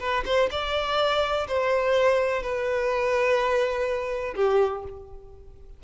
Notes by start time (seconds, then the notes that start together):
0.00 B4
0.26 C5
0.51 D5
1.48 C5
2.43 B4
4.36 G4